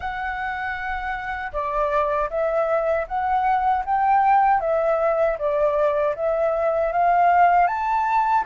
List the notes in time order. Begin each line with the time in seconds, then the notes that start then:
0.00 F#5
1.52 D5
2.30 E5
3.07 F#5
3.85 G5
4.60 E5
5.38 D5
6.15 E5
6.92 F5
7.67 A5